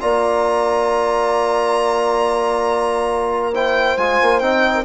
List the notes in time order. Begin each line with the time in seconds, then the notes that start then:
0.00 A#3 F4 D5 A#5
3.53 E4 C5 G5
3.97 G#3 F4 G#5
4.22 A#3
4.39 C4 D#4 G5
4.74 A#4